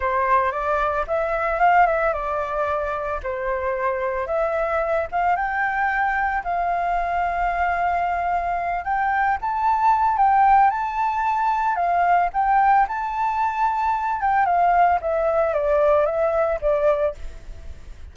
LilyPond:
\new Staff \with { instrumentName = "flute" } { \time 4/4 \tempo 4 = 112 c''4 d''4 e''4 f''8 e''8 | d''2 c''2 | e''4. f''8 g''2 | f''1~ |
f''8 g''4 a''4. g''4 | a''2 f''4 g''4 | a''2~ a''8 g''8 f''4 | e''4 d''4 e''4 d''4 | }